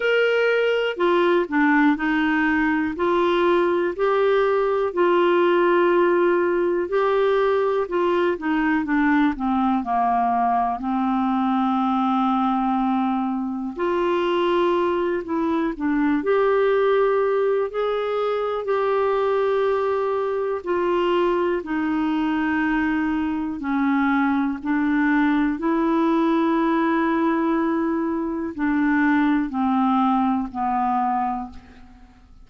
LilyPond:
\new Staff \with { instrumentName = "clarinet" } { \time 4/4 \tempo 4 = 61 ais'4 f'8 d'8 dis'4 f'4 | g'4 f'2 g'4 | f'8 dis'8 d'8 c'8 ais4 c'4~ | c'2 f'4. e'8 |
d'8 g'4. gis'4 g'4~ | g'4 f'4 dis'2 | cis'4 d'4 e'2~ | e'4 d'4 c'4 b4 | }